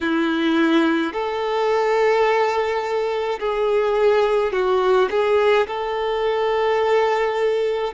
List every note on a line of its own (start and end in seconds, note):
0.01 1.12 E4
1.12 3.39 A4
3.39 4.52 G#4
4.52 5.08 F#4
5.10 5.67 G#4
5.67 7.93 A4